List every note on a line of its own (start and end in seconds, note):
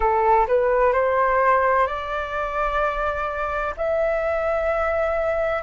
0.00 0.46 A4
0.47 0.92 B4
0.92 1.86 C5
1.86 3.74 D5
3.76 5.62 E5